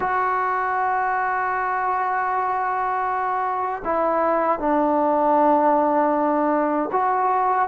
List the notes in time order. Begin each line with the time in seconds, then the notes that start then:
0.00 F#4
3.84 E4
4.59 D4
6.92 F#4